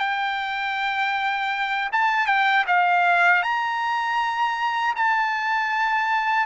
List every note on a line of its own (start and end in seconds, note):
0.00 1.90 G5
1.93 2.27 A5
2.27 2.65 G5
2.67 3.43 F5
3.43 4.95 A#5
4.96 6.47 A5